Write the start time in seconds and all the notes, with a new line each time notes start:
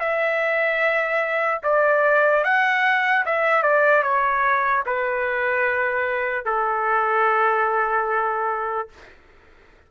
0.00 E5
1.64 D5
2.44 F#5
3.26 E5
3.63 D5
4.04 C#5
4.86 B4
6.46 A4